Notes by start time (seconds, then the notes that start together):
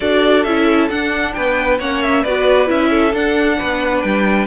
0.00 D4 F#4 A4 D5
0.43 C#4 E4 E5
0.90 D4 F#5
1.33 B3 B4 G5
1.78 A#3 C#4 C#5 F#5
2.02 E5
2.22 B3 F#4 B4 D5
2.66 C#4 E4 E5
2.90 A4
3.13 D4 F#5
3.58 B3 B4
4.01 G3 G5